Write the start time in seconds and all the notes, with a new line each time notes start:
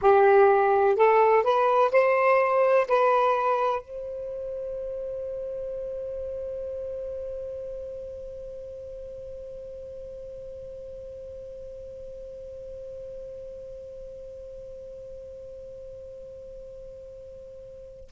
0.01 G4
0.95 A4
1.43 B4
1.91 C5
2.88 B4
3.81 C5